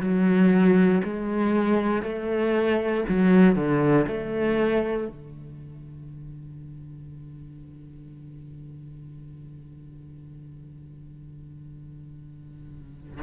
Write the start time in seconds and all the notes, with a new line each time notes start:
0.00 F#3
1.04 G#3
2.02 A3
3.08 F#3
3.55 D3
4.07 A3
5.08 D3